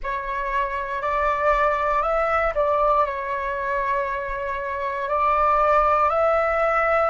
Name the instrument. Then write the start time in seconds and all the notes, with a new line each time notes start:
flute
0.03 C#5
1.02 D5
2.02 E5
2.54 D5
3.05 C#5
5.08 D5
6.09 E5